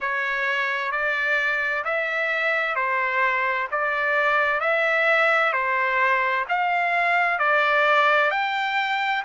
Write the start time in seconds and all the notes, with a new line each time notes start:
0.00 C#5
0.91 D5
1.84 E5
2.75 C5
3.71 D5
4.60 E5
5.53 C5
6.48 F5
7.38 D5
8.31 G5